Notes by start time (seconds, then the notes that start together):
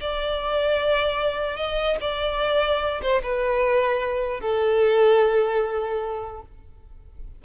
0.00 D5
1.56 D#5
2.00 D5
3.01 C5
3.23 B4
4.40 A4